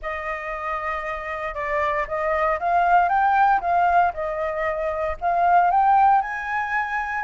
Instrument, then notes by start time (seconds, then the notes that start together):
flute
0.02 D#5
1.54 D5
2.07 D#5
2.59 F5
3.08 G5
3.60 F5
4.13 D#5
5.20 F5
5.70 G5
6.21 G#5